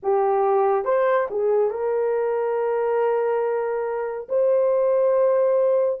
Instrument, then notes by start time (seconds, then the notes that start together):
horn
0.02 G4
0.84 C5
1.30 G#4
1.70 A#4
4.29 C5